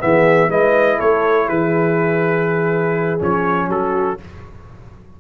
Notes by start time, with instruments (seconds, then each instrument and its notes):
0.00 tuba E3, trombone B3, horn G#4, trumpet E5
0.49 tuba G#3, trombone E4, horn B4, trumpet D#5
0.98 tuba A3, horn A4, trumpet C#5
1.49 tuba E3, horn G#4, trumpet B4
3.20 tuba F3, trombone C#4, trumpet C#5
3.68 tuba F#3, horn F#4, trumpet A4